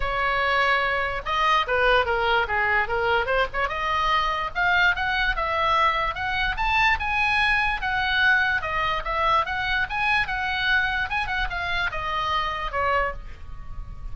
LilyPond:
\new Staff \with { instrumentName = "oboe" } { \time 4/4 \tempo 4 = 146 cis''2. dis''4 | b'4 ais'4 gis'4 ais'4 | c''8 cis''8 dis''2 f''4 | fis''4 e''2 fis''4 |
a''4 gis''2 fis''4~ | fis''4 dis''4 e''4 fis''4 | gis''4 fis''2 gis''8 fis''8 | f''4 dis''2 cis''4 | }